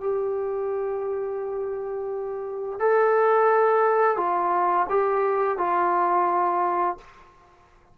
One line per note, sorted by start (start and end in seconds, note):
0.00 2.79 G4
2.79 4.17 A4
4.17 4.86 F4
4.89 5.58 G4
5.58 6.97 F4